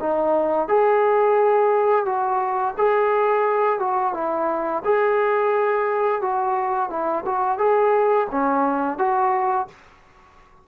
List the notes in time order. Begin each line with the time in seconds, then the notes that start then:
0.00 D#4
0.68 G#4
2.06 F#4
2.78 G#4
3.79 F#4
4.14 E4
4.85 G#4
6.22 F#4
6.90 E4
7.25 F#4
7.58 G#4
8.31 C#4
8.98 F#4